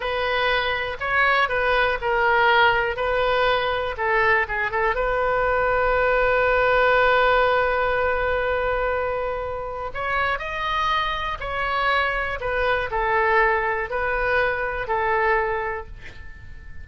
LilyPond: \new Staff \with { instrumentName = "oboe" } { \time 4/4 \tempo 4 = 121 b'2 cis''4 b'4 | ais'2 b'2 | a'4 gis'8 a'8 b'2~ | b'1~ |
b'1 | cis''4 dis''2 cis''4~ | cis''4 b'4 a'2 | b'2 a'2 | }